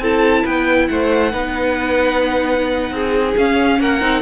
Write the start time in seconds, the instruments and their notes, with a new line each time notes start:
0.00 cello C4, viola E4, violin A4 A5
0.44 cello B3, violin B4 G5
0.88 cello A3, violin C5 F#5
1.32 cello B3, viola D#4, violin B4
2.91 cello C4, violin G#4
3.37 cello C#4, viola C#4, violin F5
3.80 cello A#3, violin A#4 F#5
4.01 cello C4, viola D#4